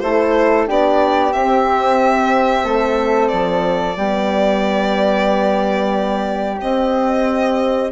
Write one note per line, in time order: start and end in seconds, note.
0.00 0.69 A3
0.00 0.67 E4
0.00 0.68 A4
0.00 0.66 C5
0.67 1.34 B3
0.67 1.33 D4
0.67 2.64 G4
0.67 1.33 D5
1.33 3.97 C4
1.33 2.64 C4
1.33 3.28 E5
2.64 3.30 A3
2.64 3.96 A4
3.28 3.97 F3
3.28 6.58 D5
3.97 6.60 G3
3.97 6.59 B3
3.97 7.91 G4
6.59 7.91 C4
6.59 7.91 D#5